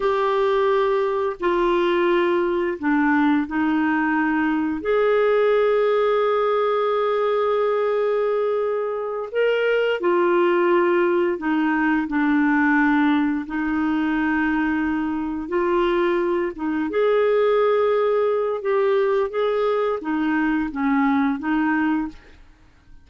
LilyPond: \new Staff \with { instrumentName = "clarinet" } { \time 4/4 \tempo 4 = 87 g'2 f'2 | d'4 dis'2 gis'4~ | gis'1~ | gis'4. ais'4 f'4.~ |
f'8 dis'4 d'2 dis'8~ | dis'2~ dis'8 f'4. | dis'8 gis'2~ gis'8 g'4 | gis'4 dis'4 cis'4 dis'4 | }